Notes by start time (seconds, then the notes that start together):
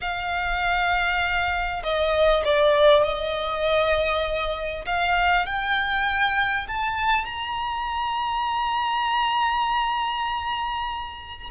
0.01 F5
1.83 D#5
2.44 D5
3.03 D#5
4.85 F5
5.46 G5
6.67 A5
7.25 A#5